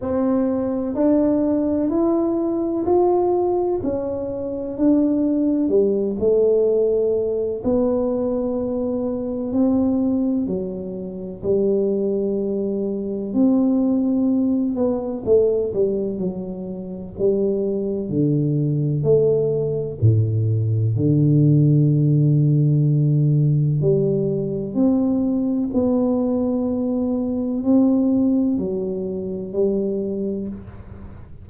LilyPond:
\new Staff \with { instrumentName = "tuba" } { \time 4/4 \tempo 4 = 63 c'4 d'4 e'4 f'4 | cis'4 d'4 g8 a4. | b2 c'4 fis4 | g2 c'4. b8 |
a8 g8 fis4 g4 d4 | a4 a,4 d2~ | d4 g4 c'4 b4~ | b4 c'4 fis4 g4 | }